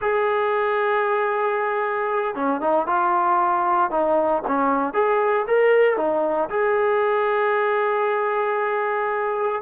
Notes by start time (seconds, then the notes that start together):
0.01 G#4
2.35 C#4
2.60 D#4
2.86 F4
3.90 D#4
4.47 C#4
4.93 G#4
5.47 A#4
5.96 D#4
6.49 G#4